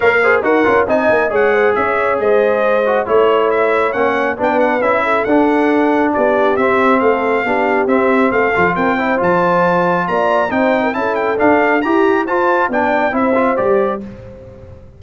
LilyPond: <<
  \new Staff \with { instrumentName = "trumpet" } { \time 4/4 \tempo 4 = 137 f''4 fis''4 gis''4 fis''4 | e''4 dis''2 cis''4 | e''4 fis''4 g''8 fis''8 e''4 | fis''2 d''4 e''4 |
f''2 e''4 f''4 | g''4 a''2 ais''4 | g''4 a''8 g''8 f''4 ais''4 | a''4 g''4 e''4 d''4 | }
  \new Staff \with { instrumentName = "horn" } { \time 4/4 cis''8 c''8 ais'4 dis''4 cis''8 c''8 | cis''4 c''2 cis''4~ | cis''2 b'4. a'8~ | a'2 g'2 |
a'4 g'2 a'4 | ais'8 c''2~ c''8 d''4 | c''8. ais'16 a'2 g'4 | c''4 d''4 c''2 | }
  \new Staff \with { instrumentName = "trombone" } { \time 4/4 ais'8 gis'8 fis'8 f'8 dis'4 gis'4~ | gis'2~ gis'8 fis'8 e'4~ | e'4 cis'4 d'4 e'4 | d'2. c'4~ |
c'4 d'4 c'4. f'8~ | f'8 e'8 f'2. | dis'4 e'4 d'4 g'4 | f'4 d'4 e'8 f'8 g'4 | }
  \new Staff \with { instrumentName = "tuba" } { \time 4/4 ais4 dis'8 cis'8 c'8 ais8 gis4 | cis'4 gis2 a4~ | a4 ais4 b4 cis'4 | d'2 b4 c'4 |
a4 b4 c'4 a8 f8 | c'4 f2 ais4 | c'4 cis'4 d'4 e'4 | f'4 b4 c'4 g4 | }
>>